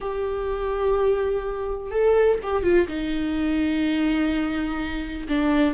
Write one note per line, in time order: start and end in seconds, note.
0.00 1.90 G4
1.90 2.38 A4
2.42 2.63 G4
2.63 2.87 F4
2.87 5.27 D#4
5.28 5.74 D4